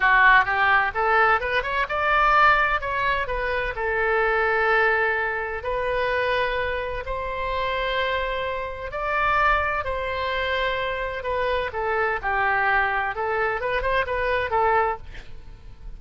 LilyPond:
\new Staff \with { instrumentName = "oboe" } { \time 4/4 \tempo 4 = 128 fis'4 g'4 a'4 b'8 cis''8 | d''2 cis''4 b'4 | a'1 | b'2. c''4~ |
c''2. d''4~ | d''4 c''2. | b'4 a'4 g'2 | a'4 b'8 c''8 b'4 a'4 | }